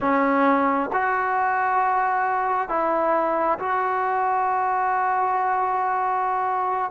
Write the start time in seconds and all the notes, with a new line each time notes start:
0.00 C#4
0.92 F#4
2.69 E4
3.59 F#4